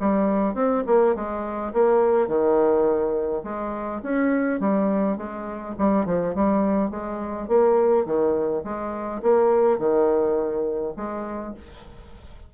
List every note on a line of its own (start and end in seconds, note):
0.00 0.55 G3
0.55 0.83 C4
0.87 1.15 A#3
1.15 1.73 G#3
1.73 2.28 A#3
2.28 3.43 D#3
3.44 4.01 G#3
4.03 4.60 C#4
4.60 5.17 G3
5.17 5.75 G#3
5.78 6.06 G3
6.06 6.35 F3
6.35 6.90 G3
6.90 7.48 G#3
7.48 8.06 A#3
8.06 8.63 D#3
8.64 9.22 G#3
9.22 9.79 A#3
9.79 10.94 D#3
10.96 11.54 G#3